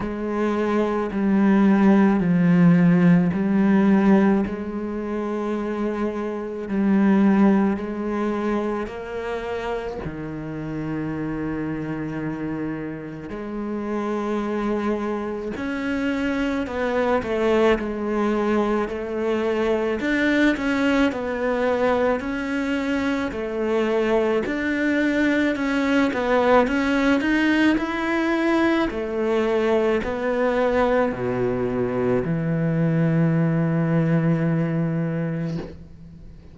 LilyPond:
\new Staff \with { instrumentName = "cello" } { \time 4/4 \tempo 4 = 54 gis4 g4 f4 g4 | gis2 g4 gis4 | ais4 dis2. | gis2 cis'4 b8 a8 |
gis4 a4 d'8 cis'8 b4 | cis'4 a4 d'4 cis'8 b8 | cis'8 dis'8 e'4 a4 b4 | b,4 e2. | }